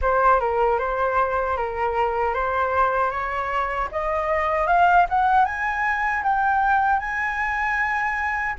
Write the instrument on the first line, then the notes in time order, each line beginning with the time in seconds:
flute
0.01 C5
0.39 A#4
0.79 C5
1.57 A#4
2.34 C5
3.10 C#5
3.91 D#5
4.67 F5
5.09 F#5
5.45 G#5
6.23 G5
6.99 G#5